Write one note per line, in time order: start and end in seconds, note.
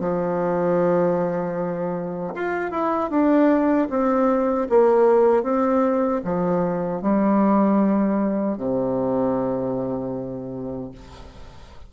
0.00 2.34 F3
2.34 2.71 F4
2.71 3.10 E4
3.10 3.88 D4
3.90 4.68 C4
4.69 5.43 A#3
5.43 6.21 C4
6.24 7.02 F3
7.02 8.57 G3
8.57 10.91 C3